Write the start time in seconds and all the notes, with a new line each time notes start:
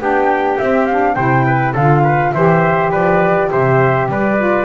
0.00 B3 D4 G4 G5
0.59 C4 E5
0.86 D4 F5
1.15 C3 E4 C5 G5
1.47 B4
1.74 D3 F4 A4 F5
2.04 B4
2.33 E3 G4 C5 E5
2.92 F3 B4 D5
3.52 C3 C5 E5
4.09 G3 B4 D5
4.38 F4